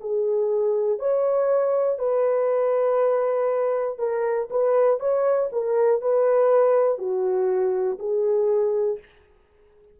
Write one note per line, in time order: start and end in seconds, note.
0.00 0.99 G#4
0.99 1.99 C#5
1.99 3.99 B4
3.99 4.49 A#4
4.50 5.00 B4
5.00 5.50 C#5
5.52 6.01 A#4
6.01 6.98 B4
6.98 7.98 F#4
7.99 8.99 G#4